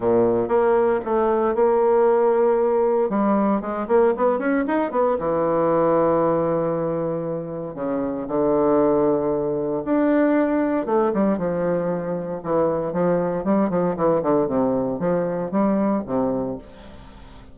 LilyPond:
\new Staff \with { instrumentName = "bassoon" } { \time 4/4 \tempo 4 = 116 ais,4 ais4 a4 ais4~ | ais2 g4 gis8 ais8 | b8 cis'8 dis'8 b8 e2~ | e2. cis4 |
d2. d'4~ | d'4 a8 g8 f2 | e4 f4 g8 f8 e8 d8 | c4 f4 g4 c4 | }